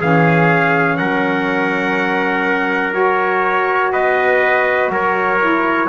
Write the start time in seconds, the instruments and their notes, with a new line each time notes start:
0.00 double bass E3, saxophone C#4, trumpet G#4 F5
0.97 double bass F#3, trumpet A#4 F#5
2.92 saxophone F#4, trumpet C#5
3.93 double bass B3, trumpet B4 D#5
4.89 double bass F#3, trumpet A#4 C#5
5.41 saxophone E4